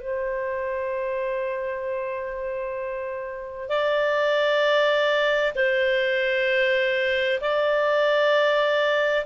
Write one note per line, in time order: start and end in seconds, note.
0.00 3.68 C5
3.68 5.53 D5
5.55 7.40 C5
7.41 9.25 D5